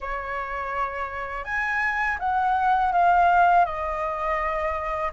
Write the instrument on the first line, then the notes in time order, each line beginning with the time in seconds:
flute
0.00 C#5
1.44 G#5
2.19 F#5
2.92 F5
3.65 D#5